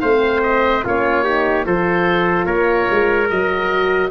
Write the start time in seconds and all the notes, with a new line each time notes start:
0.00 A3 C4 C5 F5
0.43 D#5
0.84 A#3 C#4 F4 C#5
1.24 D#4 G4
1.64 F3 F4 A4 C5
2.46 A#3 A#4 C#5
2.90 G#3
3.30 F#3 F#4 D#5